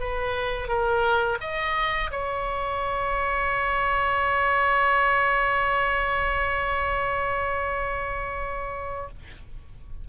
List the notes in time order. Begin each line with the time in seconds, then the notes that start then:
0.00 B4
0.68 A#4
1.41 D#5
2.11 C#5